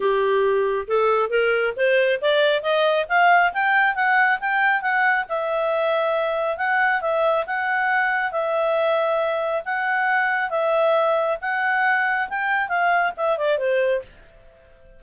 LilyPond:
\new Staff \with { instrumentName = "clarinet" } { \time 4/4 \tempo 4 = 137 g'2 a'4 ais'4 | c''4 d''4 dis''4 f''4 | g''4 fis''4 g''4 fis''4 | e''2. fis''4 |
e''4 fis''2 e''4~ | e''2 fis''2 | e''2 fis''2 | g''4 f''4 e''8 d''8 c''4 | }